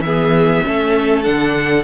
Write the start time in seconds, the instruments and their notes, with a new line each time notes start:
0.00 cello E3, viola B3, violin G#4 E5
0.64 cello A3, viola C#4, violin A4
1.23 cello D3, viola D4, violin F#5